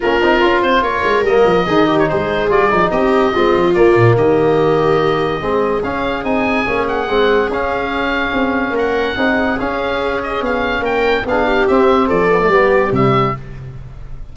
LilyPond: <<
  \new Staff \with { instrumentName = "oboe" } { \time 4/4 \tempo 4 = 144 ais'4. c''8 cis''4 dis''4~ | dis''8. cis''16 c''4 d''4 dis''4~ | dis''4 d''4 dis''2~ | dis''2 f''4 gis''4~ |
gis''8 fis''4. f''2~ | f''4 fis''2 f''4~ | f''8 dis''8 f''4 g''4 f''4 | e''4 d''2 e''4 | }
  \new Staff \with { instrumentName = "viola" } { \time 4/4 f'2 ais'2 | gis'8 g'8 gis'2 g'4 | f'2 g'2~ | g'4 gis'2.~ |
gis'1~ | gis'4 ais'4 gis'2~ | gis'2 ais'4 gis'8 g'8~ | g'4 a'4 g'2 | }
  \new Staff \with { instrumentName = "trombone" } { \time 4/4 cis'8 dis'8 f'2 ais4 | dis'2 f'8 dis'4. | c'4 ais2.~ | ais4 c'4 cis'4 dis'4 |
cis'4 c'4 cis'2~ | cis'2 dis'4 cis'4~ | cis'2. d'4 | c'4. b16 a16 b4 g4 | }
  \new Staff \with { instrumentName = "tuba" } { \time 4/4 ais8 c'8 cis'8 c'8 ais8 gis8 g8 f8 | dis4 gis4 g8 f8 c'4 | gis8 f8 ais8 ais,8 dis2~ | dis4 gis4 cis'4 c'4 |
ais4 gis4 cis'2 | c'4 ais4 c'4 cis'4~ | cis'4 b4 ais4 b4 | c'4 f4 g4 c4 | }
>>